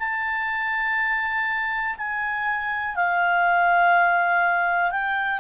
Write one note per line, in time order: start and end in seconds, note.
0.00 1.97 A5
1.98 2.96 G#5
2.96 4.91 F5
4.91 5.40 G5